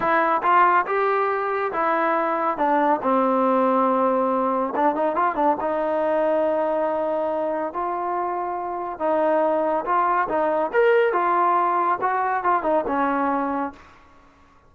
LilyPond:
\new Staff \with { instrumentName = "trombone" } { \time 4/4 \tempo 4 = 140 e'4 f'4 g'2 | e'2 d'4 c'4~ | c'2. d'8 dis'8 | f'8 d'8 dis'2.~ |
dis'2 f'2~ | f'4 dis'2 f'4 | dis'4 ais'4 f'2 | fis'4 f'8 dis'8 cis'2 | }